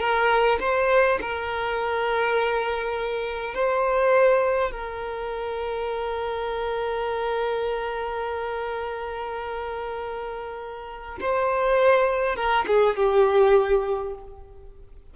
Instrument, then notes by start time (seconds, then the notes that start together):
violin
0.00 A#4
0.60 C5
1.22 A#4
3.55 C5
4.72 A#4
11.21 C5
12.36 A#4
12.68 G#4
12.97 G4